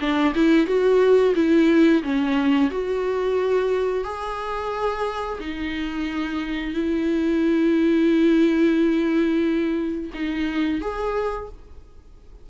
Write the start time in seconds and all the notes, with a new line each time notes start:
0.00 D4
0.35 E4
0.67 F#4
1.35 E4
2.03 C#4
2.71 F#4
4.04 G#4
5.40 D#4
6.74 E4
10.14 D#4
10.81 G#4